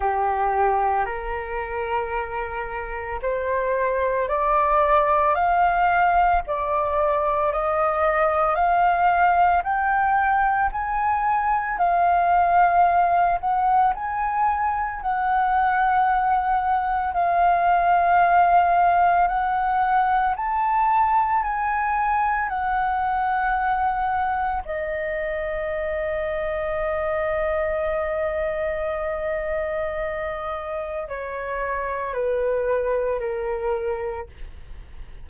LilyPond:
\new Staff \with { instrumentName = "flute" } { \time 4/4 \tempo 4 = 56 g'4 ais'2 c''4 | d''4 f''4 d''4 dis''4 | f''4 g''4 gis''4 f''4~ | f''8 fis''8 gis''4 fis''2 |
f''2 fis''4 a''4 | gis''4 fis''2 dis''4~ | dis''1~ | dis''4 cis''4 b'4 ais'4 | }